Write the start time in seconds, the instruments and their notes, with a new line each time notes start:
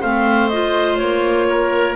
0.00 double bass A3, clarinet C4 F5, oboe C5
0.48 clarinet F4 D#5
0.97 double bass A#3, clarinet C#5
1.49 oboe A#4